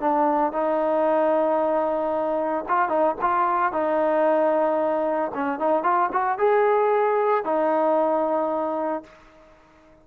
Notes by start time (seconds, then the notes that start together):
0.00 D4
0.52 D#4
2.68 F4
2.89 D#4
3.21 F4
3.72 D#4
5.34 C#4
5.59 D#4
5.83 F4
6.12 F#4
6.38 G#4
7.44 D#4